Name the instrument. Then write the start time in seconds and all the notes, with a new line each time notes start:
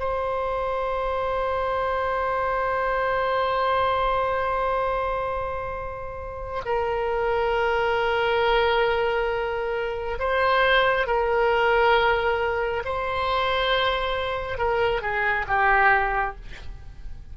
oboe
0.00 C5
6.66 A#4
10.20 C5
11.07 A#4
12.85 C5
14.58 A#4
15.02 G#4
15.48 G4